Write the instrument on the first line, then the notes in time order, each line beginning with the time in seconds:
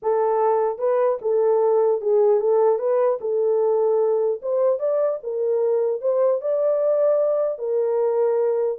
horn
0.02 A4
0.78 B4
1.21 A4
2.01 G#4
2.40 A4
2.78 B4
3.21 A4
4.41 C5
4.79 D5
5.23 A#4
6.01 C5
6.41 D5
7.58 A#4